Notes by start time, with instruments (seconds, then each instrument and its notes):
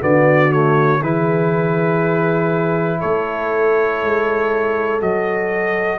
0.00 tuba D3, trombone B3, horn F#4, trumpet D5
0.50 trombone A3, trumpet C#5
1.01 tuba E3, trombone E4, horn G#4, trumpet B4
2.99 tuba A3, horn A4, trumpet C#5
4.03 tuba G#3
5.01 tuba F#3, trombone F#4, trumpet D#5